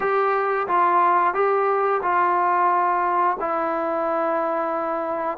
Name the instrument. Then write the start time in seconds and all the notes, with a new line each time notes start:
trombone
0.00 G4
0.67 F4
1.34 G4
2.02 F4
3.40 E4